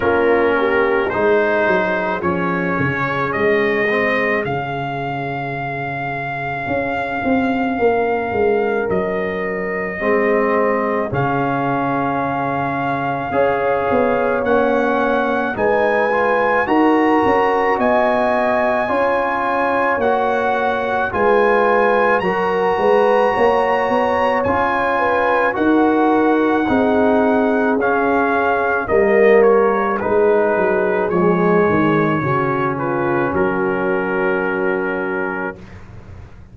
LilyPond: <<
  \new Staff \with { instrumentName = "trumpet" } { \time 4/4 \tempo 4 = 54 ais'4 c''4 cis''4 dis''4 | f''1 | dis''2 f''2~ | f''4 fis''4 gis''4 ais''4 |
gis''2 fis''4 gis''4 | ais''2 gis''4 fis''4~ | fis''4 f''4 dis''8 cis''8 b'4 | cis''4. b'8 ais'2 | }
  \new Staff \with { instrumentName = "horn" } { \time 4/4 f'8 g'8 gis'2.~ | gis'2. ais'4~ | ais'4 gis'2. | cis''2 b'4 ais'4 |
dis''4 cis''2 b'4 | ais'8 b'8 cis''4. b'8 ais'4 | gis'2 ais'4 gis'4~ | gis'4 fis'8 f'8 fis'2 | }
  \new Staff \with { instrumentName = "trombone" } { \time 4/4 cis'4 dis'4 cis'4. c'8 | cis'1~ | cis'4 c'4 cis'2 | gis'4 cis'4 dis'8 f'8 fis'4~ |
fis'4 f'4 fis'4 f'4 | fis'2 f'4 fis'4 | dis'4 cis'4 ais4 dis'4 | gis4 cis'2. | }
  \new Staff \with { instrumentName = "tuba" } { \time 4/4 ais4 gis8 fis8 f8 cis8 gis4 | cis2 cis'8 c'8 ais8 gis8 | fis4 gis4 cis2 | cis'8 b8 ais4 gis4 dis'8 cis'8 |
b4 cis'4 ais4 gis4 | fis8 gis8 ais8 b8 cis'4 dis'4 | c'4 cis'4 g4 gis8 fis8 | f8 dis8 cis4 fis2 | }
>>